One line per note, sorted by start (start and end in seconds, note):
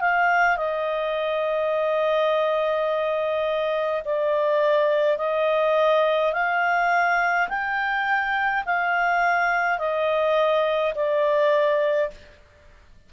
0.00 0.57 F5
0.57 4.03 D#5
4.04 5.18 D5
5.18 6.33 D#5
6.33 7.48 F5
7.48 8.64 G5
8.65 9.78 F5
9.78 10.94 D#5
10.95 12.10 D5